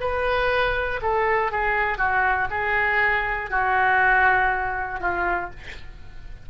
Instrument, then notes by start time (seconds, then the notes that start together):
oboe
0.00 B4
1.02 A4
1.52 G#4
1.98 F#4
2.50 G#4
3.50 F#4
5.00 F4